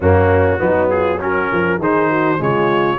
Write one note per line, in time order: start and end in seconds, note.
0.00 0.58 F#2
0.00 0.58 A#3
0.00 0.59 C#4
0.00 0.89 F#4
0.58 1.50 F#3
0.58 1.18 B3
0.58 0.90 D#4
0.89 1.21 F4
0.89 1.19 G#4
1.19 1.79 C#4
1.19 1.51 F#4
1.19 1.81 A#4
1.51 1.78 F3
1.51 1.80 A#4
1.78 2.38 D#3
1.78 2.38 D#4
1.78 2.10 G#4
1.78 2.42 C5
2.10 2.40 F#4
2.38 2.99 C#3
2.38 2.98 G#3
2.38 2.99 F4
2.38 2.99 C#5